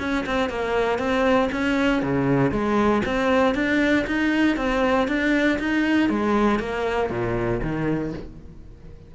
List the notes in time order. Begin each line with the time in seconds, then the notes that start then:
0.00 C#4
0.27 C4
0.50 A#3
0.99 C4
1.52 C#4
2.02 C#3
2.52 G#3
3.06 C4
3.55 D4
4.07 D#4
4.57 C4
5.08 D4
5.60 D#4
6.10 G#3
6.60 A#3
7.10 A#2
7.63 D#3